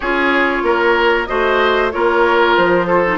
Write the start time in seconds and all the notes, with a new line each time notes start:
0.00 C#4 F4 G#4 C#5
0.62 A#3 A#4
1.26 A3 F#4 C5 D#5
1.91 A#3 F4 A#4 C#5
2.56 F3 C5
2.86 A4
3.06 D#4